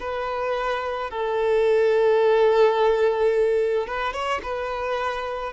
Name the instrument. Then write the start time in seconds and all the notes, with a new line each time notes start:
violin
0.00 B4
1.10 A4
3.87 B4
4.13 C#5
4.42 B4